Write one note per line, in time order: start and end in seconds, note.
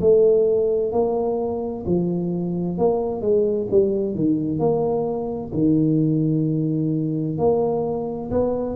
0.00 0.91 A3
0.91 1.84 A#3
1.86 2.78 F3
2.78 3.21 A#3
3.21 3.67 G#3
3.70 4.15 G3
4.15 4.59 D#3
4.59 5.51 A#3
5.53 7.38 D#3
7.38 8.30 A#3
8.30 8.76 B3